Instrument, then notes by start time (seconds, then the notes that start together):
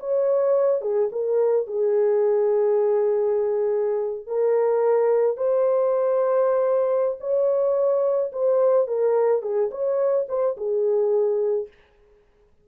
horn
0.00 C#5
0.82 G#4
1.12 A#4
1.67 G#4
4.27 A#4
5.37 C5
7.20 C#5
8.33 C5
8.88 A#4
9.42 G#4
9.71 C#5
10.29 C5
10.57 G#4